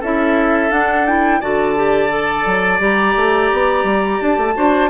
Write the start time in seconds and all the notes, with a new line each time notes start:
0.00 C#4 E4 A4 E5
0.70 D4 F#5
1.06 E4 G5
1.40 D3 F#4 D5 A5
1.75 G4
2.09 A4
2.45 F#3
2.79 G3 G4 A#5
3.16 A3
3.52 B3
3.83 G3
4.21 D4 A5
4.37 A3
4.54 D4 F#4 C5